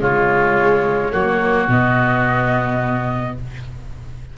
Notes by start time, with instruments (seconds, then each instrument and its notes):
0.00 tuba C#3, viola G#3, oboe F4, flute C#5
1.12 tuba F#3, viola A#3, oboe F#4
1.68 tuba B2, viola B3, flute D#5